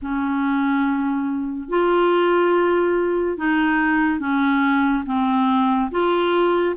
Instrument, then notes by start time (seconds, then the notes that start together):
clarinet
0.02 C#4
1.68 F4
3.36 D#4
4.19 C#4
5.06 C4
5.91 F4